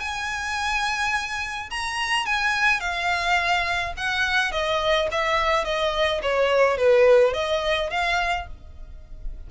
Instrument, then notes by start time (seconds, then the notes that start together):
violin
0.00 G#5
1.70 A#5
2.26 G#5
2.80 F5
3.97 F#5
4.52 D#5
5.11 E5
5.64 D#5
6.22 C#5
6.77 B4
7.34 D#5
7.90 F5